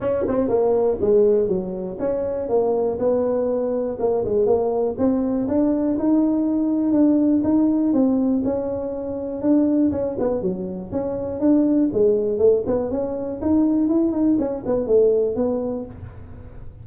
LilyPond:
\new Staff \with { instrumentName = "tuba" } { \time 4/4 \tempo 4 = 121 cis'8 c'8 ais4 gis4 fis4 | cis'4 ais4 b2 | ais8 gis8 ais4 c'4 d'4 | dis'2 d'4 dis'4 |
c'4 cis'2 d'4 | cis'8 b8 fis4 cis'4 d'4 | gis4 a8 b8 cis'4 dis'4 | e'8 dis'8 cis'8 b8 a4 b4 | }